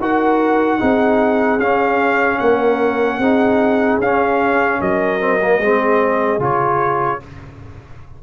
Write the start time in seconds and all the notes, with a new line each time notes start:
0.00 D#4 F#4 A#4 F#5
0.79 C4 D#4 G#4
1.59 C#4 F5
2.39 A#3 A#4 F#5
3.19 C4 D#4 G#4
4.00 C#4 F5
4.80 F#3 A#4 D#5
5.20 C4
5.42 A#3
5.59 G#3 C4 G#4
6.39 C#3 F4 C#5